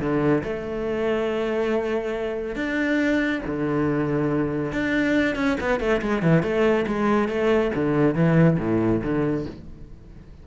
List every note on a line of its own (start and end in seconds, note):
0.00 0.43 D3
0.44 2.56 A3
2.56 3.42 D4
3.47 4.73 D3
4.73 5.36 D4
5.36 5.57 C#4
5.60 5.80 B3
5.80 6.01 A3
6.02 6.23 G#3
6.23 6.43 E3
6.43 6.86 A3
6.87 7.29 G#3
7.29 7.71 A3
7.75 8.15 D3
8.15 8.58 E3
8.59 9.02 A2
9.03 9.46 D3